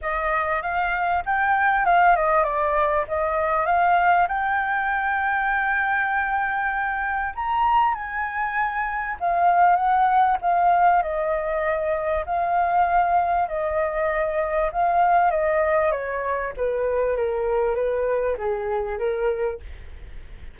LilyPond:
\new Staff \with { instrumentName = "flute" } { \time 4/4 \tempo 4 = 98 dis''4 f''4 g''4 f''8 dis''8 | d''4 dis''4 f''4 g''4~ | g''1 | ais''4 gis''2 f''4 |
fis''4 f''4 dis''2 | f''2 dis''2 | f''4 dis''4 cis''4 b'4 | ais'4 b'4 gis'4 ais'4 | }